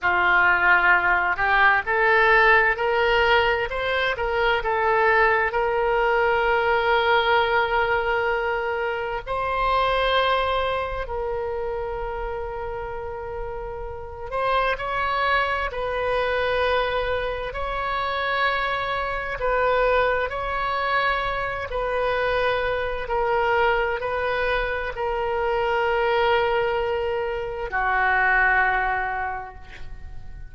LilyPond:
\new Staff \with { instrumentName = "oboe" } { \time 4/4 \tempo 4 = 65 f'4. g'8 a'4 ais'4 | c''8 ais'8 a'4 ais'2~ | ais'2 c''2 | ais'2.~ ais'8 c''8 |
cis''4 b'2 cis''4~ | cis''4 b'4 cis''4. b'8~ | b'4 ais'4 b'4 ais'4~ | ais'2 fis'2 | }